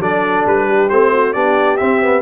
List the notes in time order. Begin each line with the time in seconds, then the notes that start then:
0.00 F#3 D4 A4 D5
0.46 G3 B4
0.68 G4
0.89 A3 C4 C5
1.12 F#4
1.33 B3 D4 G4 D5
1.77 C4 E5
2.02 B3